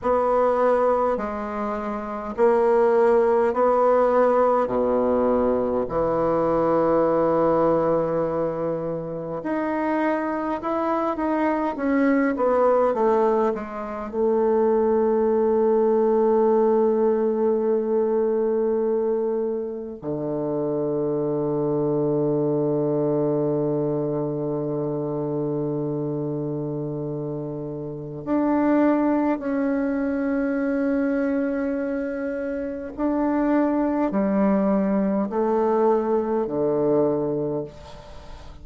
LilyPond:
\new Staff \with { instrumentName = "bassoon" } { \time 4/4 \tempo 4 = 51 b4 gis4 ais4 b4 | b,4 e2. | dis'4 e'8 dis'8 cis'8 b8 a8 gis8 | a1~ |
a4 d2.~ | d1 | d'4 cis'2. | d'4 g4 a4 d4 | }